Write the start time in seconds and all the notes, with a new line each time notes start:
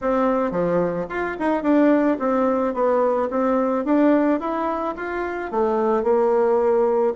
0.01 C4
0.51 F3
1.09 F4
1.39 D#4
1.62 D4
2.19 C4
2.73 B3
3.30 C4
3.84 D4
4.39 E4
4.96 F4
5.51 A3
6.03 A#3